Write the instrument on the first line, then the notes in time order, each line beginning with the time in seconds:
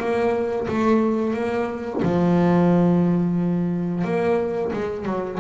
double bass
0.00 A#3
0.68 A3
1.34 A#3
2.03 F3
4.04 A#3
4.73 G#3
5.06 F#3